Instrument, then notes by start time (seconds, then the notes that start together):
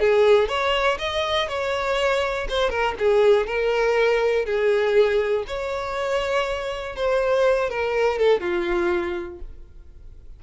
violin
0.00 G#4
0.48 C#5
0.99 D#5
1.48 C#5
2.50 C5
2.70 A#4
2.99 G#4
3.47 A#4
4.45 G#4
5.47 C#5
6.96 C5
7.70 A#4
8.19 A4
8.40 F4